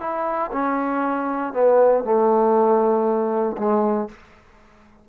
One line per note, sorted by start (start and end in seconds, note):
0.00 0.51 E4
0.52 1.53 C#4
1.53 2.04 B3
2.04 3.56 A3
3.57 4.08 G#3